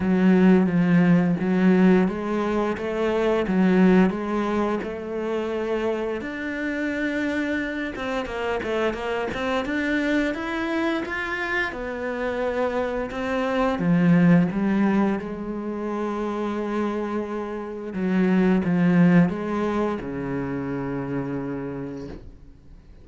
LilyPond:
\new Staff \with { instrumentName = "cello" } { \time 4/4 \tempo 4 = 87 fis4 f4 fis4 gis4 | a4 fis4 gis4 a4~ | a4 d'2~ d'8 c'8 | ais8 a8 ais8 c'8 d'4 e'4 |
f'4 b2 c'4 | f4 g4 gis2~ | gis2 fis4 f4 | gis4 cis2. | }